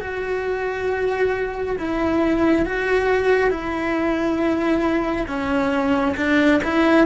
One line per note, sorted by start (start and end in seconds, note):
0.00 1.76 F#4
1.78 2.65 E4
2.65 3.50 F#4
3.50 5.26 E4
5.27 6.15 C#4
6.16 6.61 D4
6.64 7.06 E4